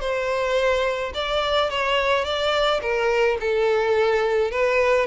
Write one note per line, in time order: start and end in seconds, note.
0.00 1.12 C5
1.14 1.70 D5
1.70 2.24 C#5
2.24 2.80 D5
2.81 3.37 A#4
3.40 4.51 A4
4.51 5.06 B4